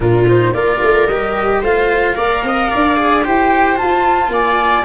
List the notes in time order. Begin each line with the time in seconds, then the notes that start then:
0.00 A#2 D4 F4 A#4
0.28 D#4 C5
0.53 A#3 F4 A#4 D5
0.82 A3
1.07 G3 G4 D#5
1.61 A3 F4 C5 F5
2.15 A#3 A#4 D5
2.42 C4 D#5
2.70 D4 D5
2.96 G#4
3.24 E4 G4 C5 G5
3.76 F4 A5
4.28 A#3 D5 G#5